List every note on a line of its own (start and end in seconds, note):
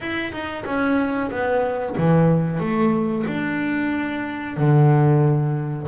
0.00 0.31 E4
0.31 0.64 D#4
0.65 1.30 C#4
1.30 1.96 B3
1.97 2.59 E3
2.59 3.25 A3
3.27 4.56 D4
4.56 5.87 D3